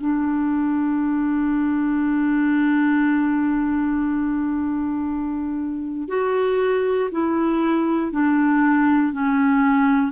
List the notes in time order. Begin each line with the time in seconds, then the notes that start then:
0.00 D4
6.08 F#4
7.11 E4
8.11 D4
9.12 C#4